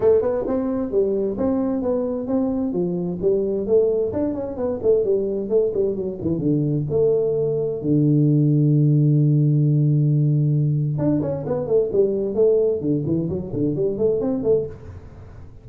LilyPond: \new Staff \with { instrumentName = "tuba" } { \time 4/4 \tempo 4 = 131 a8 b8 c'4 g4 c'4 | b4 c'4 f4 g4 | a4 d'8 cis'8 b8 a8 g4 | a8 g8 fis8 e8 d4 a4~ |
a4 d2.~ | d1 | d'8 cis'8 b8 a8 g4 a4 | d8 e8 fis8 d8 g8 a8 c'8 a8 | }